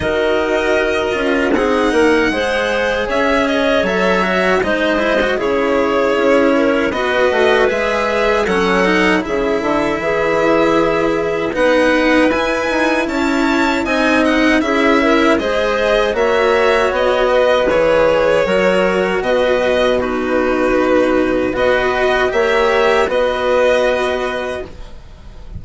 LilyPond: <<
  \new Staff \with { instrumentName = "violin" } { \time 4/4 \tempo 4 = 78 dis''2 fis''2 | e''8 dis''8 e''4 dis''4 cis''4~ | cis''4 dis''4 e''4 fis''4 | e''2. fis''4 |
gis''4 a''4 gis''8 fis''8 e''4 | dis''4 e''4 dis''4 cis''4~ | cis''4 dis''4 b'2 | dis''4 e''4 dis''2 | }
  \new Staff \with { instrumentName = "clarinet" } { \time 4/4 ais'2 gis'8 ais'8 c''4 | cis''2 c''4 gis'4~ | gis'8 ais'8 b'2 a'4 | gis'8 a'8 gis'2 b'4~ |
b'4 cis''4 dis''4 gis'8 ais'8 | c''4 cis''4. b'4. | ais'4 b'4 fis'2 | b'4 cis''4 b'2 | }
  \new Staff \with { instrumentName = "cello" } { \time 4/4 fis'4. f'8 dis'4 gis'4~ | gis'4 a'8 fis'8 dis'8 e'16 fis'16 e'4~ | e'4 fis'4 gis'4 cis'8 dis'8 | e'2. dis'4 |
e'2 dis'4 e'4 | gis'4 fis'2 gis'4 | fis'2 dis'2 | fis'4 g'4 fis'2 | }
  \new Staff \with { instrumentName = "bassoon" } { \time 4/4 dis'4. cis'8 c'8 ais8 gis4 | cis'4 fis4 gis4 cis4 | cis'4 b8 a8 gis4 fis4 | cis8 d8 e2 b4 |
e'8 dis'8 cis'4 c'4 cis'4 | gis4 ais4 b4 e4 | fis4 b,2. | b4 ais4 b2 | }
>>